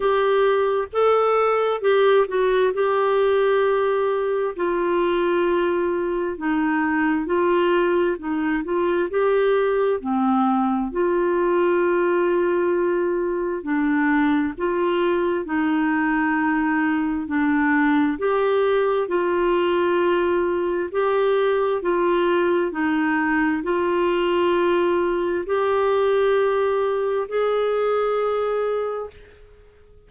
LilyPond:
\new Staff \with { instrumentName = "clarinet" } { \time 4/4 \tempo 4 = 66 g'4 a'4 g'8 fis'8 g'4~ | g'4 f'2 dis'4 | f'4 dis'8 f'8 g'4 c'4 | f'2. d'4 |
f'4 dis'2 d'4 | g'4 f'2 g'4 | f'4 dis'4 f'2 | g'2 gis'2 | }